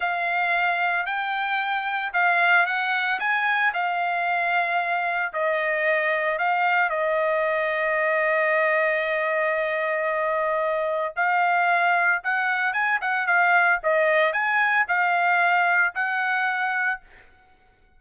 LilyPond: \new Staff \with { instrumentName = "trumpet" } { \time 4/4 \tempo 4 = 113 f''2 g''2 | f''4 fis''4 gis''4 f''4~ | f''2 dis''2 | f''4 dis''2.~ |
dis''1~ | dis''4 f''2 fis''4 | gis''8 fis''8 f''4 dis''4 gis''4 | f''2 fis''2 | }